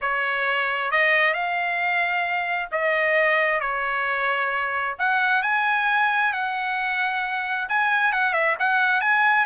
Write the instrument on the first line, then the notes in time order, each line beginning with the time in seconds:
trumpet
0.01 C#5
0.91 D#5
1.33 F5
2.71 D#5
3.60 C#5
4.98 F#5
5.42 G#5
6.33 F#5
7.68 G#5
8.12 F#5
8.33 E5
8.59 F#5
9.01 G#5